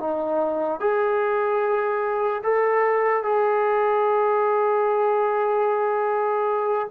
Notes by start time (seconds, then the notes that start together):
0.00 D#4
0.80 G#4
2.44 A4
3.24 G#4